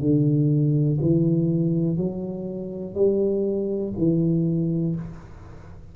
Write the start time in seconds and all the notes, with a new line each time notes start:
0.00 D3
1.01 E3
1.97 F#3
2.95 G3
3.97 E3